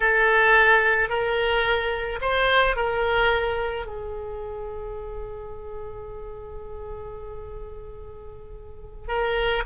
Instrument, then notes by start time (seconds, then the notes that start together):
oboe
0.00 A4
1.09 A#4
2.21 C5
2.76 A#4
3.86 G#4
9.08 A#4